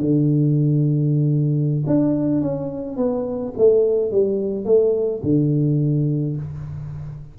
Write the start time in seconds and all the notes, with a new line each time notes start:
0.00 D3
1.86 D4
2.41 C#4
2.96 B3
3.57 A3
4.11 G3
4.64 A3
5.23 D3